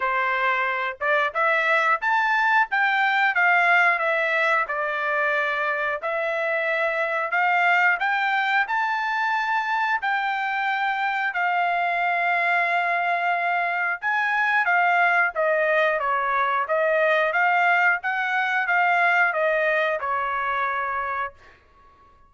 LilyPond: \new Staff \with { instrumentName = "trumpet" } { \time 4/4 \tempo 4 = 90 c''4. d''8 e''4 a''4 | g''4 f''4 e''4 d''4~ | d''4 e''2 f''4 | g''4 a''2 g''4~ |
g''4 f''2.~ | f''4 gis''4 f''4 dis''4 | cis''4 dis''4 f''4 fis''4 | f''4 dis''4 cis''2 | }